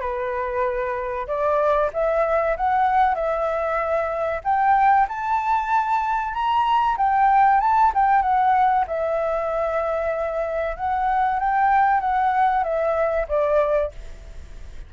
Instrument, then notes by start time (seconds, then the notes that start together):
flute
0.00 B4
1.27 D5
1.93 E5
2.57 F#5
3.15 E5
4.44 G5
5.08 A5
6.33 A#5
6.97 G5
7.60 A5
7.94 G5
8.22 F#5
8.87 E5
10.76 F#5
11.39 G5
12.00 F#5
12.63 E5
13.28 D5